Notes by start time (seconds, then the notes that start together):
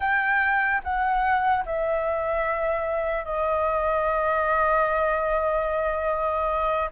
0.00 G5
0.83 F#5
1.65 E5
3.24 D#5